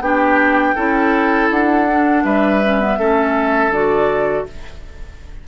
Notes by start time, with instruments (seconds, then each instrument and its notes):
0.00 bassoon B3, clarinet D4, oboe G4, flute G5
0.75 bassoon C#4, clarinet E4, oboe A4
1.51 bassoon D4, flute F#5
1.91 clarinet D4
2.24 bassoon G3, oboe B4, flute E5
2.64 clarinet C#4
2.80 clarinet B3
2.98 bassoon A3, clarinet C#4, oboe A4
3.69 bassoon D3, clarinet F#4, flute D5